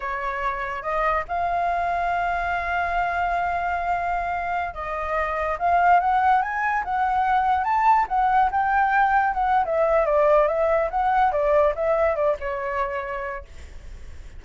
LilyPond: \new Staff \with { instrumentName = "flute" } { \time 4/4 \tempo 4 = 143 cis''2 dis''4 f''4~ | f''1~ | f''2.~ f''16 dis''8.~ | dis''4~ dis''16 f''4 fis''4 gis''8.~ |
gis''16 fis''2 a''4 fis''8.~ | fis''16 g''2 fis''8. e''4 | d''4 e''4 fis''4 d''4 | e''4 d''8 cis''2~ cis''8 | }